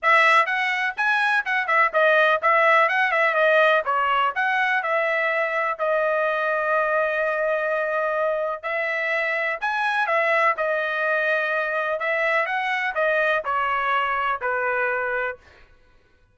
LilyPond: \new Staff \with { instrumentName = "trumpet" } { \time 4/4 \tempo 4 = 125 e''4 fis''4 gis''4 fis''8 e''8 | dis''4 e''4 fis''8 e''8 dis''4 | cis''4 fis''4 e''2 | dis''1~ |
dis''2 e''2 | gis''4 e''4 dis''2~ | dis''4 e''4 fis''4 dis''4 | cis''2 b'2 | }